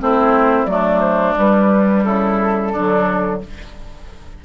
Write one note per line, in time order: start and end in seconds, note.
0.00 0.66 A3
0.00 0.68 C4
0.00 0.71 E4
0.00 0.66 C5
0.66 1.35 F#3
0.66 1.36 A3
0.66 2.05 D4
0.66 1.00 D5
1.01 1.35 C5
1.38 2.05 G3
1.38 2.76 G3
1.38 2.04 B4
2.04 2.73 C#3
2.04 2.73 E4
2.04 3.41 A4
2.73 3.42 D3
2.73 3.45 F#3
2.73 3.41 D4